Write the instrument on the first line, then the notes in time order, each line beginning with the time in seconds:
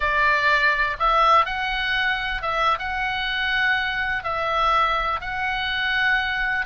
oboe
0.00 D5
0.99 E5
1.45 F#5
2.41 E5
2.78 F#5
4.23 E5
5.21 F#5